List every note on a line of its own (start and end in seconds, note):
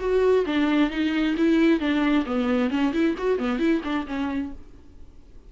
0.00 0.45 F#4
0.46 0.90 D4
0.90 1.36 D#4
1.37 1.80 E4
1.80 2.25 D4
2.26 2.70 B3
2.70 2.93 C#4
2.93 3.16 E4
3.18 3.39 F#4
3.39 3.59 B3
3.59 3.82 E4
3.84 4.06 D4
4.07 4.52 C#4